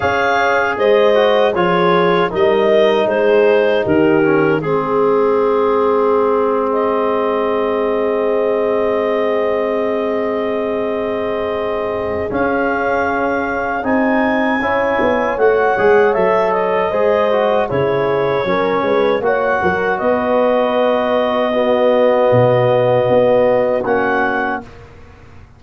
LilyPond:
<<
  \new Staff \with { instrumentName = "clarinet" } { \time 4/4 \tempo 4 = 78 f''4 dis''4 cis''4 dis''4 | c''4 ais'4 gis'2~ | gis'8. dis''2.~ dis''16~ | dis''1 |
f''2 gis''2 | fis''4 e''8 dis''4. cis''4~ | cis''4 fis''4 dis''2~ | dis''2. fis''4 | }
  \new Staff \with { instrumentName = "horn" } { \time 4/4 cis''4 c''4 gis'4 ais'4 | gis'4 g'4 gis'2~ | gis'1~ | gis'1~ |
gis'2. cis''4~ | cis''2 c''4 gis'4 | ais'8 b'8 cis''8 ais'8 b'2 | fis'1 | }
  \new Staff \with { instrumentName = "trombone" } { \time 4/4 gis'4. fis'8 f'4 dis'4~ | dis'4. cis'8 c'2~ | c'1~ | c'1 |
cis'2 dis'4 e'4 | fis'8 gis'8 a'4 gis'8 fis'8 e'4 | cis'4 fis'2. | b2. cis'4 | }
  \new Staff \with { instrumentName = "tuba" } { \time 4/4 cis'4 gis4 f4 g4 | gis4 dis4 gis2~ | gis1~ | gis1 |
cis'2 c'4 cis'8 b8 | a8 gis8 fis4 gis4 cis4 | fis8 gis8 ais8 fis8 b2~ | b4 b,4 b4 ais4 | }
>>